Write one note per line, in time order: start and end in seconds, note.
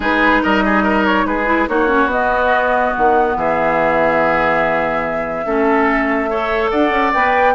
0.00 0.41 G#3
0.00 1.46 D#4
0.00 0.42 G#4
0.00 0.43 B4
0.42 1.25 G3
0.42 0.63 A#4
0.42 1.05 D#5
0.65 0.83 G#4
0.83 1.25 A#4
1.05 1.26 C#5
1.25 1.67 G#3
1.25 1.69 G#4
1.25 1.68 B4
1.46 1.67 E4
1.68 2.06 A#3
1.68 1.87 D#4
1.68 3.37 F#4
1.68 2.10 C#5
1.87 2.08 C#4
2.06 2.90 B3
2.06 5.46 B3
2.06 2.94 D#5
2.96 3.35 D#3
2.96 3.37 F#5
3.35 5.45 E3
3.35 5.46 G#4
3.35 6.70 E5
5.45 6.71 A3
5.45 6.29 C#4
5.45 6.30 A4
6.29 7.13 A4
6.29 6.70 C#5
6.70 6.89 D4
6.70 7.54 D5
6.70 7.12 F#5
6.89 7.10 C#4
7.13 7.54 B3
7.13 7.54 B4
7.13 7.54 G5